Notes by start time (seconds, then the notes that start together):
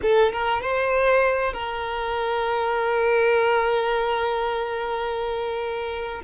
0.01 A4
0.32 A#4
0.61 C5
1.53 A#4